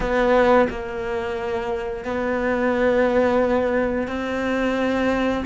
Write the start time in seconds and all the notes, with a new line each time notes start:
0.00 B3
0.69 A#3
2.05 B3
4.07 C4